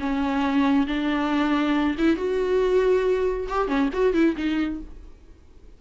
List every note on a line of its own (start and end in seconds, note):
0.00 0.87 C#4
0.87 1.96 D4
1.98 2.17 E4
2.17 3.47 F#4
3.49 3.68 G4
3.68 3.90 C#4
3.93 4.14 F#4
4.14 4.36 E4
4.37 4.80 D#4